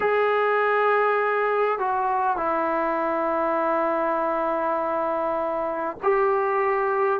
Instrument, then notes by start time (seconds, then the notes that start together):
trombone
0.00 G#4
1.78 F#4
2.37 E4
6.03 G4